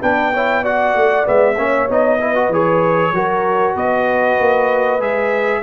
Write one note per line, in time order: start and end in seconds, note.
0.00 0.95 B3
0.00 0.33 D4
0.00 0.31 B4
0.00 0.65 G5
0.33 0.64 E4
0.33 0.62 C#5
0.62 1.24 F#4
0.62 1.56 D5
0.62 1.27 F#5
0.95 1.26 A3
1.24 1.57 G#3
1.24 1.55 B3
1.24 1.90 E5
1.57 1.89 A#3
1.57 1.89 C#4
1.57 2.19 C#5
1.89 2.49 B3
1.89 2.20 D#4
1.89 2.54 D#5
2.20 2.35 E4
2.20 3.14 B4
2.35 2.51 F#4
2.49 3.12 E3
2.49 3.15 G#4
2.49 3.76 C#5
3.12 3.74 F#3
3.12 5.00 F#4
3.12 3.75 A#4
3.75 4.38 B3
3.75 5.62 B4
3.75 5.01 D#5
4.39 4.99 A#3
4.99 5.61 G#3
4.99 5.62 G#4
4.99 5.63 E5